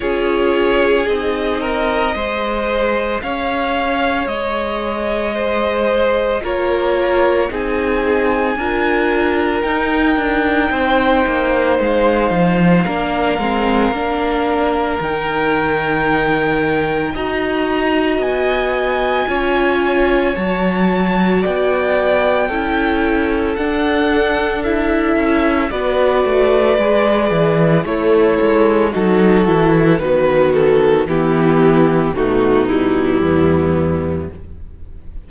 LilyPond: <<
  \new Staff \with { instrumentName = "violin" } { \time 4/4 \tempo 4 = 56 cis''4 dis''2 f''4 | dis''2 cis''4 gis''4~ | gis''4 g''2 f''4~ | f''2 g''2 |
ais''4 gis''2 a''4 | g''2 fis''4 e''4 | d''2 cis''4 a'4 | b'8 a'8 g'4 fis'8 e'4. | }
  \new Staff \with { instrumentName = "violin" } { \time 4/4 gis'4. ais'8 c''4 cis''4~ | cis''4 c''4 ais'4 gis'4 | ais'2 c''2 | ais'1 |
dis''2 cis''2 | d''4 a'2. | b'2 e'4 fis'4 | b4 e'4 dis'4 b4 | }
  \new Staff \with { instrumentName = "viola" } { \time 4/4 f'4 dis'4 gis'2~ | gis'2 f'4 dis'4 | f'4 dis'2. | d'8 c'8 d'4 dis'2 |
fis'2 f'4 fis'4~ | fis'4 e'4 d'4 e'4 | fis'4 gis'4 a'4 dis'8 e'8 | fis'4 b4 a8 g4. | }
  \new Staff \with { instrumentName = "cello" } { \time 4/4 cis'4 c'4 gis4 cis'4 | gis2 ais4 c'4 | d'4 dis'8 d'8 c'8 ais8 gis8 f8 | ais8 gis8 ais4 dis2 |
dis'4 b4 cis'4 fis4 | b4 cis'4 d'4. cis'8 | b8 a8 gis8 e8 a8 gis8 fis8 e8 | dis4 e4 b,4 e,4 | }
>>